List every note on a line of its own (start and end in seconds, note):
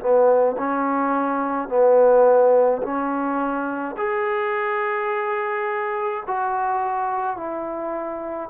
0.00 0.57 B3
0.58 1.69 C#4
1.69 2.82 B3
2.83 3.96 C#4
3.97 6.24 G#4
6.27 7.37 F#4
7.37 8.50 E4